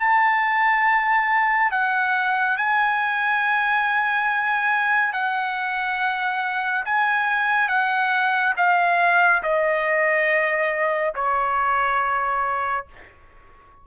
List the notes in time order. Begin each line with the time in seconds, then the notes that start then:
0.00 A5
1.72 F#5
2.58 G#5
5.14 F#5
6.86 G#5
7.69 F#5
8.57 F5
9.43 D#5
11.15 C#5